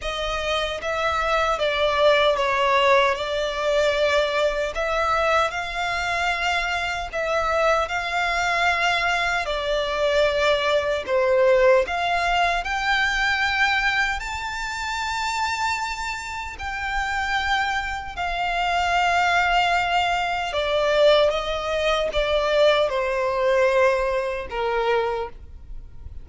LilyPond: \new Staff \with { instrumentName = "violin" } { \time 4/4 \tempo 4 = 76 dis''4 e''4 d''4 cis''4 | d''2 e''4 f''4~ | f''4 e''4 f''2 | d''2 c''4 f''4 |
g''2 a''2~ | a''4 g''2 f''4~ | f''2 d''4 dis''4 | d''4 c''2 ais'4 | }